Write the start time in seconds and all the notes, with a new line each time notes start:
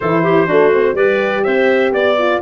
0.00 E3 E4 A4 C5
0.23 G4
0.46 A3 D4 F#4
0.72 C4
0.94 G3 G4 B4 D5
1.44 C4 C5 E5
1.91 B3 D5
2.18 F4